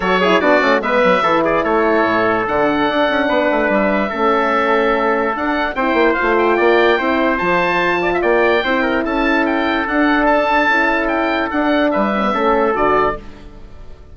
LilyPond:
<<
  \new Staff \with { instrumentName = "oboe" } { \time 4/4 \tempo 4 = 146 cis''4 d''4 e''4. d''8 | cis''2 fis''2~ | fis''4 e''2.~ | e''4 fis''4 g''4 f''8 g''8~ |
g''2 a''2 | g''2 a''4 g''4 | fis''4 a''2 g''4 | fis''4 e''2 d''4 | }
  \new Staff \with { instrumentName = "trumpet" } { \time 4/4 a'8 gis'8 fis'4 b'4 a'8 gis'8 | a'1 | b'2 a'2~ | a'2 c''2 |
d''4 c''2~ c''8 d''16 e''16 | d''4 c''8 ais'8 a'2~ | a'1~ | a'4 b'4 a'2 | }
  \new Staff \with { instrumentName = "horn" } { \time 4/4 fis'8 e'8 d'8 cis'8 b4 e'4~ | e'2 d'2~ | d'2 cis'2~ | cis'4 d'4 e'4 f'4~ |
f'4 e'4 f'2~ | f'4 e'2. | d'2 e'2 | d'4. cis'16 b16 cis'4 fis'4 | }
  \new Staff \with { instrumentName = "bassoon" } { \time 4/4 fis4 b8 a8 gis8 fis8 e4 | a4 a,4 d4 d'8 cis'8 | b8 a8 g4 a2~ | a4 d'4 c'8 ais8 a4 |
ais4 c'4 f2 | ais4 c'4 cis'2 | d'2 cis'2 | d'4 g4 a4 d4 | }
>>